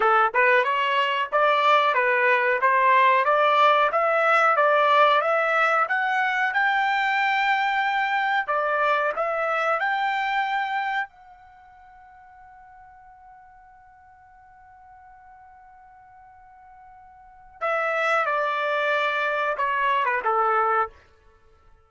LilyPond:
\new Staff \with { instrumentName = "trumpet" } { \time 4/4 \tempo 4 = 92 a'8 b'8 cis''4 d''4 b'4 | c''4 d''4 e''4 d''4 | e''4 fis''4 g''2~ | g''4 d''4 e''4 g''4~ |
g''4 fis''2.~ | fis''1~ | fis''2. e''4 | d''2 cis''8. b'16 a'4 | }